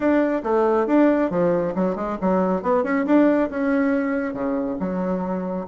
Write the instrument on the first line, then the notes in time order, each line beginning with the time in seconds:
bassoon
0.00 D4
0.43 A3
0.87 D4
1.30 F3
1.75 F#3
1.95 G#3
2.21 F#3
2.62 B3
2.83 C#4
3.06 D4
3.50 C#4
4.33 C#3
4.79 F#3